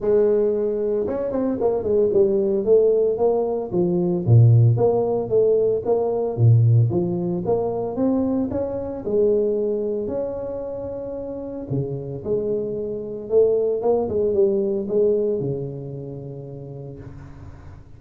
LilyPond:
\new Staff \with { instrumentName = "tuba" } { \time 4/4 \tempo 4 = 113 gis2 cis'8 c'8 ais8 gis8 | g4 a4 ais4 f4 | ais,4 ais4 a4 ais4 | ais,4 f4 ais4 c'4 |
cis'4 gis2 cis'4~ | cis'2 cis4 gis4~ | gis4 a4 ais8 gis8 g4 | gis4 cis2. | }